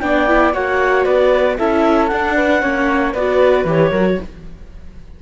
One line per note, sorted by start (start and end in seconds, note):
0.00 0.54 B3
0.00 0.28 D4
0.00 0.54 D5
0.00 0.52 G5
0.28 0.53 E4
0.53 1.06 A#3
0.53 1.58 F#4
0.53 1.05 C#5
0.53 1.04 F#5
1.04 1.58 B3
1.04 1.57 B4
1.04 1.57 D5
1.58 2.11 C#4
1.58 2.11 E4
1.58 2.35 A4
1.58 2.07 E5
2.07 2.63 D4
2.07 2.62 D4
2.07 3.12 F#5
2.35 2.61 B4
2.61 3.14 A#3
2.61 3.14 C#4
2.61 3.13 C#5
3.13 3.65 B3
3.13 3.67 F#4
3.13 3.90 B4
3.13 3.67 D5
3.65 3.91 E3
3.65 3.93 G4
3.65 4.22 C#5
3.90 4.18 F#3
3.90 4.21 F#4
3.90 4.16 A#4